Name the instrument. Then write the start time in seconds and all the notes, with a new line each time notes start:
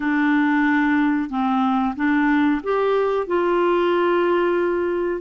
clarinet
0.00 D4
1.29 C4
1.96 D4
2.63 G4
3.26 F4